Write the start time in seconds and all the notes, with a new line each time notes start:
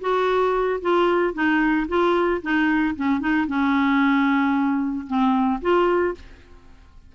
0.00 F#4
0.81 F4
1.33 D#4
1.88 F4
2.42 D#4
2.95 C#4
3.20 D#4
3.47 C#4
5.07 C4
5.61 F4